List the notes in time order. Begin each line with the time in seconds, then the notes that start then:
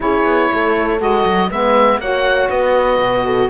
0.00 C#4 E4 G#4 C#5
0.24 B3
0.53 A3 A4
0.99 G#3 F#4 D#5
1.25 F#3
1.49 G#3 B3 B4 E5
1.99 A#3 F#4 C#5 F#5
2.49 B3 B4 D#5
2.98 B2
3.25 A4